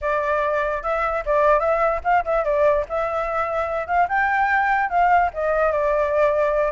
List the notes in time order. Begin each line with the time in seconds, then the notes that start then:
0.01 D5
0.82 E5
1.25 D5
1.59 E5
2.03 F5
2.24 E5
2.44 D5
2.88 E5
3.87 F5
4.08 G5
4.89 F5
5.33 D#5
5.72 D5